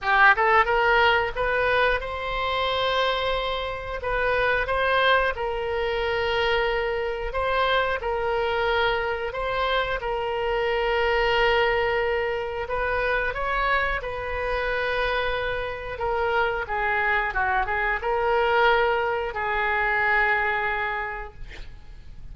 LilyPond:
\new Staff \with { instrumentName = "oboe" } { \time 4/4 \tempo 4 = 90 g'8 a'8 ais'4 b'4 c''4~ | c''2 b'4 c''4 | ais'2. c''4 | ais'2 c''4 ais'4~ |
ais'2. b'4 | cis''4 b'2. | ais'4 gis'4 fis'8 gis'8 ais'4~ | ais'4 gis'2. | }